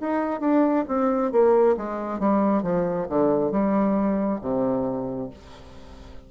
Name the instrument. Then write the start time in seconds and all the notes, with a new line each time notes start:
bassoon
0.00 D#4
0.40 D4
0.87 C4
1.32 A#3
1.76 G#3
2.19 G3
2.62 F3
3.08 D3
3.51 G3
4.41 C3